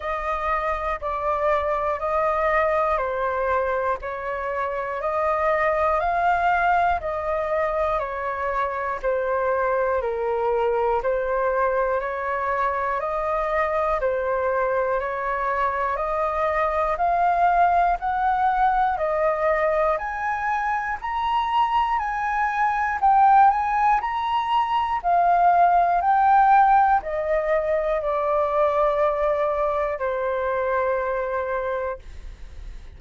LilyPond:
\new Staff \with { instrumentName = "flute" } { \time 4/4 \tempo 4 = 60 dis''4 d''4 dis''4 c''4 | cis''4 dis''4 f''4 dis''4 | cis''4 c''4 ais'4 c''4 | cis''4 dis''4 c''4 cis''4 |
dis''4 f''4 fis''4 dis''4 | gis''4 ais''4 gis''4 g''8 gis''8 | ais''4 f''4 g''4 dis''4 | d''2 c''2 | }